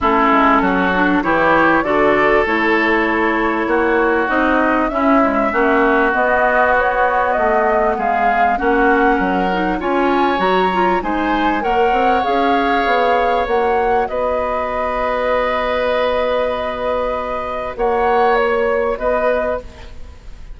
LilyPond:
<<
  \new Staff \with { instrumentName = "flute" } { \time 4/4 \tempo 4 = 98 a'2 cis''4 d''4 | cis''2. dis''4 | e''2 dis''4 cis''4 | dis''4 f''4 fis''2 |
gis''4 ais''4 gis''4 fis''4 | f''2 fis''4 dis''4~ | dis''1~ | dis''4 fis''4 cis''4 dis''4 | }
  \new Staff \with { instrumentName = "oboe" } { \time 4/4 e'4 fis'4 g'4 a'4~ | a'2 fis'2 | e'4 fis'2.~ | fis'4 gis'4 fis'4 ais'4 |
cis''2 c''4 cis''4~ | cis''2. b'4~ | b'1~ | b'4 cis''2 b'4 | }
  \new Staff \with { instrumentName = "clarinet" } { \time 4/4 cis'4. d'8 e'4 fis'4 | e'2. dis'4 | cis'8 gis8 cis'4 b2~ | b2 cis'4. dis'8 |
f'4 fis'8 f'8 dis'4 ais'4 | gis'2 fis'2~ | fis'1~ | fis'1 | }
  \new Staff \with { instrumentName = "bassoon" } { \time 4/4 a8 gis8 fis4 e4 d4 | a2 ais4 c'4 | cis'4 ais4 b2 | a4 gis4 ais4 fis4 |
cis'4 fis4 gis4 ais8 c'8 | cis'4 b4 ais4 b4~ | b1~ | b4 ais2 b4 | }
>>